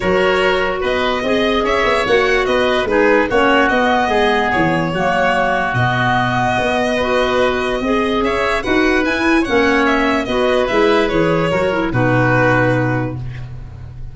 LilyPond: <<
  \new Staff \with { instrumentName = "violin" } { \time 4/4 \tempo 4 = 146 cis''2 dis''2 | e''4 fis''4 dis''4 b'4 | cis''4 dis''2 cis''4~ | cis''2 dis''2~ |
dis''1 | e''4 fis''4 gis''4 fis''4 | e''4 dis''4 e''4 cis''4~ | cis''4 b'2. | }
  \new Staff \with { instrumentName = "oboe" } { \time 4/4 ais'2 b'4 dis''4 | cis''2 b'4 gis'4 | fis'2 gis'2 | fis'1~ |
fis'4 b'2 dis''4 | cis''4 b'2 cis''4~ | cis''4 b'2. | ais'4 fis'2. | }
  \new Staff \with { instrumentName = "clarinet" } { \time 4/4 fis'2. gis'4~ | gis'4 fis'2 dis'4 | cis'4 b2. | ais2 b2~ |
b4 fis'2 gis'4~ | gis'4 fis'4 e'4 cis'4~ | cis'4 fis'4 e'4 gis'4 | fis'8 e'8 dis'2. | }
  \new Staff \with { instrumentName = "tuba" } { \time 4/4 fis2 b4 c'4 | cis'8 b8 ais4 b4 gis4 | ais4 b4 gis4 e4 | fis2 b,2 |
b2. c'4 | cis'4 dis'4 e'4 ais4~ | ais4 b4 gis4 e4 | fis4 b,2. | }
>>